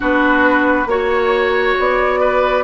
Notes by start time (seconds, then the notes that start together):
0.00 B3 D4 F#4 B4
0.86 A#3 F#4 C#5
1.79 B3 D5
2.19 B4